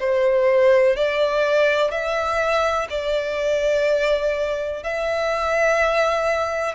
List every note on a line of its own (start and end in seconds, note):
0.00 0.97 C5
0.97 1.91 D5
1.91 2.88 E5
2.90 4.83 D5
4.83 6.75 E5